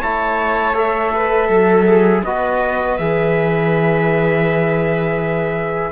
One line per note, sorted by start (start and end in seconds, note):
0.00 1.49 A3
0.00 0.74 E4
0.00 1.11 C#5
0.00 0.76 A5
0.74 1.85 A4
0.74 2.24 E5
1.14 1.48 B4
1.48 2.23 F#3
1.48 2.22 A4
1.86 2.23 G#4
2.24 2.98 B3
2.24 2.99 F#4
2.24 5.92 B4
2.24 2.98 D#5
2.98 5.92 E3
2.98 5.92 G#4
2.98 5.92 E5